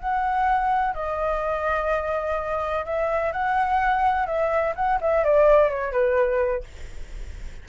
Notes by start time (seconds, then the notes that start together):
0.00 F#5
0.95 D#5
2.85 E5
3.33 F#5
4.27 E5
4.76 F#5
5.01 E5
5.24 D5
5.70 C#5
5.93 B4